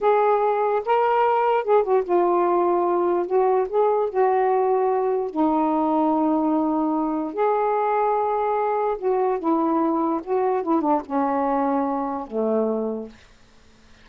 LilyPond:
\new Staff \with { instrumentName = "saxophone" } { \time 4/4 \tempo 4 = 147 gis'2 ais'2 | gis'8 fis'8 f'2. | fis'4 gis'4 fis'2~ | fis'4 dis'2.~ |
dis'2 gis'2~ | gis'2 fis'4 e'4~ | e'4 fis'4 e'8 d'8 cis'4~ | cis'2 a2 | }